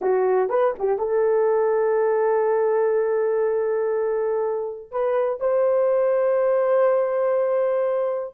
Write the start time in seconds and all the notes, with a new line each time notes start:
0.01 F#4
0.49 B4
0.79 G4
0.98 A4
4.91 B4
5.39 C5